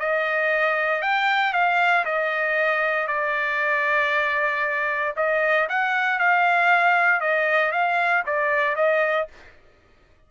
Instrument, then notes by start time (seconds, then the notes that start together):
trumpet
0.00 D#5
1.02 G5
1.53 F5
2.05 D#5
3.08 D5
5.16 D#5
5.69 F#5
6.20 F5
7.21 D#5
7.72 F5
8.26 D5
8.76 D#5